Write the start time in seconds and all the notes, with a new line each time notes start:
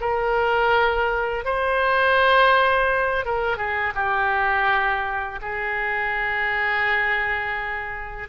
0.00 A#4
1.44 C5
3.25 A#4
3.57 G#4
3.95 G4
5.41 G#4